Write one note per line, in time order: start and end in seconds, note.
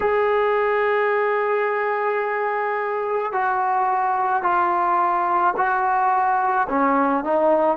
0.00 3.32 G#4
3.32 4.42 F#4
4.42 5.54 F4
5.56 6.67 F#4
6.69 7.24 C#4
7.24 7.77 D#4